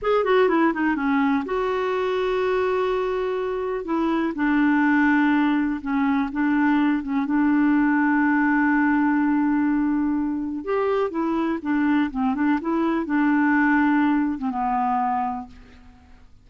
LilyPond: \new Staff \with { instrumentName = "clarinet" } { \time 4/4 \tempo 4 = 124 gis'8 fis'8 e'8 dis'8 cis'4 fis'4~ | fis'1 | e'4 d'2. | cis'4 d'4. cis'8 d'4~ |
d'1~ | d'2 g'4 e'4 | d'4 c'8 d'8 e'4 d'4~ | d'4.~ d'16 c'16 b2 | }